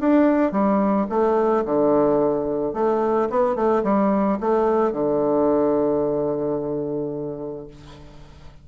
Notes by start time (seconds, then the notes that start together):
0.00 D4
0.52 G3
1.10 A3
1.65 D3
2.74 A3
3.30 B3
3.56 A3
3.84 G3
4.40 A3
4.92 D3